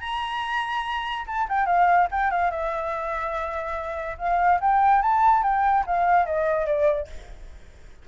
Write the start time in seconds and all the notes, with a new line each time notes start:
0.00 A#5
1.27 A5
1.48 G5
1.66 F5
2.11 G5
2.30 F5
2.50 E5
4.18 F5
4.60 G5
5.02 A5
5.42 G5
5.86 F5
6.25 D#5
6.66 D5